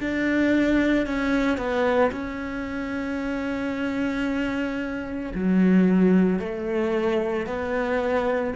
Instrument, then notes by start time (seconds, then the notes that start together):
cello
0.00 D4
1.06 C#4
1.57 B3
2.11 C#4
5.35 F#3
6.39 A3
7.46 B3